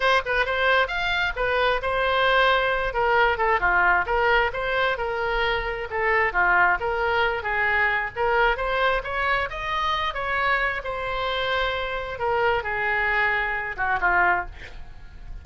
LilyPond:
\new Staff \with { instrumentName = "oboe" } { \time 4/4 \tempo 4 = 133 c''8 b'8 c''4 f''4 b'4 | c''2~ c''8 ais'4 a'8 | f'4 ais'4 c''4 ais'4~ | ais'4 a'4 f'4 ais'4~ |
ais'8 gis'4. ais'4 c''4 | cis''4 dis''4. cis''4. | c''2. ais'4 | gis'2~ gis'8 fis'8 f'4 | }